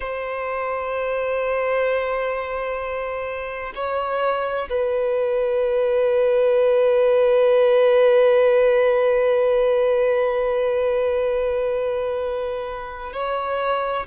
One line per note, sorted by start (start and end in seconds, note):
0.00 3.73 C5
3.75 4.69 C#5
4.69 13.12 B4
13.12 14.06 C#5